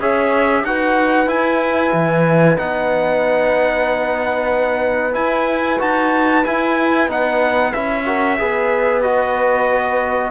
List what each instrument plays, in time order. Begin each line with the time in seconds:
0.00 cello C#4, trombone G#4, horn C#5, trumpet E5
0.63 cello D#4, trombone F#4, horn B4, trumpet F#5
1.27 cello E4, trombone E4, trumpet G#5
1.93 cello E3
2.57 cello B3, trombone D#4, trumpet F#5
5.12 trombone E4, cello E4, trumpet G#5
5.78 cello D#4, trombone F#4, trumpet A5
6.44 cello E4, trombone E4, trumpet G#5
7.08 cello B3, trombone D#4, trumpet F#5
7.73 cello C#4, trombone E4, trumpet E5
8.05 trombone F#4, horn A#4
8.38 cello B3, trombone G#4, horn B4
9.02 trombone F#4, trumpet D#5